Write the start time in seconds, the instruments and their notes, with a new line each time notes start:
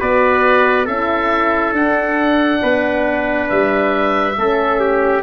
0.00 tuba B3, horn F#4, trumpet B4, oboe D5
0.85 tuba C#4, horn E4, trumpet A4, oboe E5
1.72 tuba D4, horn D4, oboe F#5
2.62 tuba B3, trumpet B4
3.49 tuba G3, oboe E5
4.36 tuba A3, horn C#4, trumpet A4
4.80 trumpet G4